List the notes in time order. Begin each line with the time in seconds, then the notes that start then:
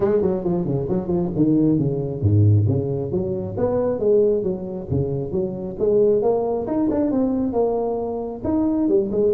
0.00 G#3
0.21 F#3
0.44 F3
0.65 C#3
0.88 F#3
1.07 F3
1.36 D#3
1.78 C#3
2.21 G#2
2.67 C#3
3.11 F#3
3.57 B3
3.99 G#3
4.43 F#3
4.90 C#3
5.31 F#3
5.79 G#3
6.22 A#3
6.66 D#4
6.90 D4
7.11 C4
7.52 A#3
8.44 D#4
8.88 G3
9.11 G#3